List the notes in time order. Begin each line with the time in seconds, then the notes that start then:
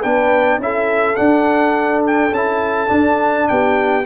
0.00 B3 D4 B4 G5
0.58 C#4 E4 A4 E5
1.16 D4 F#5
2.06 G5
2.31 C#4 E4 A5
2.87 D4
3.48 B3 G4 G5